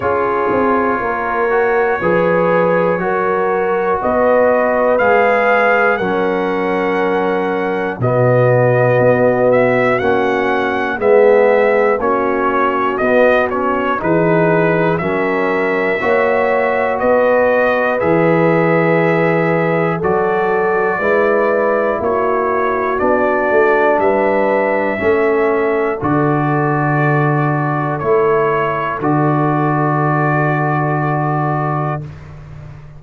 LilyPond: <<
  \new Staff \with { instrumentName = "trumpet" } { \time 4/4 \tempo 4 = 60 cis''1 | dis''4 f''4 fis''2 | dis''4. e''8 fis''4 e''4 | cis''4 dis''8 cis''8 b'4 e''4~ |
e''4 dis''4 e''2 | d''2 cis''4 d''4 | e''2 d''2 | cis''4 d''2. | }
  \new Staff \with { instrumentName = "horn" } { \time 4/4 gis'4 ais'4 b'4 ais'4 | b'2 ais'2 | fis'2. gis'4 | fis'2 gis'4 ais'4 |
cis''4 b'2. | a'4 b'4 fis'2 | b'4 a'2.~ | a'1 | }
  \new Staff \with { instrumentName = "trombone" } { \time 4/4 f'4. fis'8 gis'4 fis'4~ | fis'4 gis'4 cis'2 | b2 cis'4 b4 | cis'4 b8 cis'8 dis'4 cis'4 |
fis'2 gis'2 | fis'4 e'2 d'4~ | d'4 cis'4 fis'2 | e'4 fis'2. | }
  \new Staff \with { instrumentName = "tuba" } { \time 4/4 cis'8 c'8 ais4 f4 fis4 | b4 gis4 fis2 | b,4 b4 ais4 gis4 | ais4 b4 e4 fis4 |
ais4 b4 e2 | fis4 gis4 ais4 b8 a8 | g4 a4 d2 | a4 d2. | }
>>